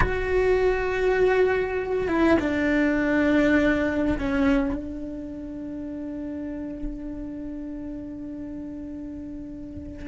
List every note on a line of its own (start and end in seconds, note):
0.00 2.08 F#4
2.08 2.37 E4
2.39 4.17 D4
4.18 4.75 C#4
4.75 10.08 D4